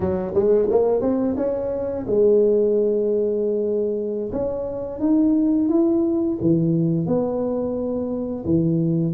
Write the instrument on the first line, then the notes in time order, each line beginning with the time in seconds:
tuba
0.00 F#3
0.34 G#3
0.70 A#3
1.01 C4
1.36 C#4
2.07 G#3
4.32 C#4
4.99 D#4
5.69 E4
6.41 E3
7.06 B3
8.45 E3